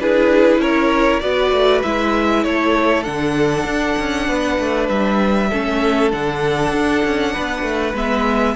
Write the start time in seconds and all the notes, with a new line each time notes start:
0.00 D4 E4 G#4 B4
0.58 C#4 A#4 C#5
1.20 B3 F#4 B4 D5
1.52 A3
1.83 G#3 E4 E5
2.44 A3 A4 C#5
3.03 D3 D4 F#5
3.64 D4
3.98 C#4
4.27 B3 B4
4.59 A3
4.89 G3 E5
5.50 A3 C#4 A4
6.11 D3 D4 F#5
6.72 D4
7.04 C#4
7.33 B3 B4
7.63 A3
7.94 G#3 B3 E5